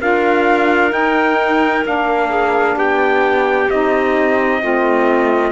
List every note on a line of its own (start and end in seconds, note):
0.00 0.93 D4
0.00 0.90 F4
0.00 2.30 A#4
0.00 0.93 F5
0.90 1.82 D#4
0.90 1.85 D#4
0.90 1.85 G5
1.84 2.76 A#3
1.84 3.69 D4
1.84 2.78 F5
2.30 2.76 G#4
2.76 3.68 B3
2.76 4.61 G4
2.76 3.70 G5
3.70 4.62 C4
3.70 4.61 D#4
3.70 5.52 D#5
4.61 5.52 A3
4.61 5.52 C4
4.61 5.52 F4